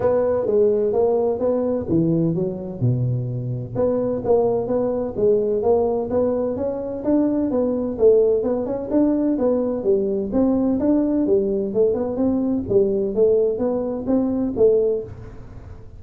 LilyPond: \new Staff \with { instrumentName = "tuba" } { \time 4/4 \tempo 4 = 128 b4 gis4 ais4 b4 | e4 fis4 b,2 | b4 ais4 b4 gis4 | ais4 b4 cis'4 d'4 |
b4 a4 b8 cis'8 d'4 | b4 g4 c'4 d'4 | g4 a8 b8 c'4 g4 | a4 b4 c'4 a4 | }